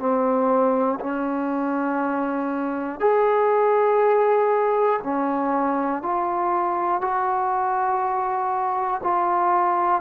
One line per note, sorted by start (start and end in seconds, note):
0.00 1.00 C4
1.00 3.00 C#4
3.00 5.00 G#4
5.04 6.03 C#4
6.03 7.02 F4
7.02 9.02 F#4
9.04 10.02 F4